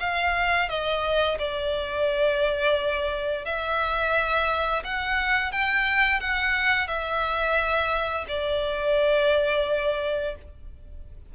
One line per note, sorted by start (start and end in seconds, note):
0.00 0.69 F5
0.69 1.38 D#5
1.39 3.45 D5
3.45 4.83 E5
4.84 5.52 F#5
5.52 6.20 G5
6.20 6.87 F#5
6.87 8.25 E5
8.29 10.35 D5